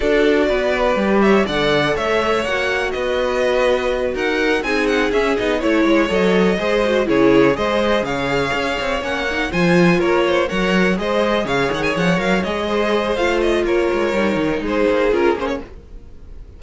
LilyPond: <<
  \new Staff \with { instrumentName = "violin" } { \time 4/4 \tempo 4 = 123 d''2~ d''8 e''8 fis''4 | e''4 fis''4 dis''2~ | dis''8 fis''4 gis''8 fis''8 e''8 dis''8 cis''8~ | cis''8 dis''2 cis''4 dis''8~ |
dis''8 f''2 fis''4 gis''8~ | gis''8 cis''4 fis''4 dis''4 f''8 | fis''16 gis''16 fis''8 f''8 dis''4. f''8 dis''8 | cis''2 c''4 ais'8 c''16 cis''16 | }
  \new Staff \with { instrumentName = "violin" } { \time 4/4 a'4 b'4. cis''8 d''4 | cis''2 b'2~ | b'8 ais'4 gis'2 cis''8~ | cis''4. c''4 gis'4 c''8~ |
c''8 cis''2. c''8~ | c''8 ais'8 c''8 cis''4 c''4 cis''8~ | cis''2 c''2 | ais'2 gis'2 | }
  \new Staff \with { instrumentName = "viola" } { \time 4/4 fis'2 g'4 a'4~ | a'4 fis'2.~ | fis'4. dis'4 cis'8 dis'8 e'8~ | e'8 a'4 gis'8 fis'8 e'4 gis'8~ |
gis'2~ gis'8 cis'8 dis'8 f'8~ | f'4. ais'4 gis'4.~ | gis'4 ais'8 gis'4. f'4~ | f'4 dis'2 f'8 cis'8 | }
  \new Staff \with { instrumentName = "cello" } { \time 4/4 d'4 b4 g4 d4 | a4 ais4 b2~ | b8 dis'4 c'4 cis'8 b8 a8 | gis8 fis4 gis4 cis4 gis8~ |
gis8 cis4 cis'8 c'8 ais4 f8~ | f8 ais4 fis4 gis4 cis8 | dis8 f8 fis8 gis4. a4 | ais8 gis8 g8 dis8 gis8 ais8 cis'8 ais8 | }
>>